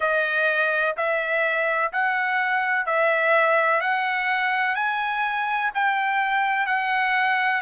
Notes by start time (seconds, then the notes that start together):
0.00 D#5
0.96 E5
1.92 F#5
2.86 E5
3.81 F#5
4.75 G#5
5.74 G5
6.66 F#5